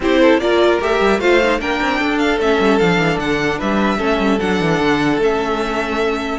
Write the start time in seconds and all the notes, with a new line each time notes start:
0.00 C4 E4 G4 C5
0.20 A4
0.37 A#3 F4 A#4 D5
0.80 A3 G4 E5
1.00 G3
1.19 A3 F4 C5 F5
1.42 D#4
1.59 A#3 D4 A#4 G5
1.81 C4
1.99 D4 A4
2.18 F5
2.38 A3 C#4 E5
2.60 G3
2.78 F3 D4 F5
2.97 E3
3.18 D3 F#5
3.58 G3 B4 E5
3.98 A3 C#4 A4
4.19 G3
4.39 F#3 D4 F#5
4.60 E3
4.79 D3
5.17 A3 C#4 E5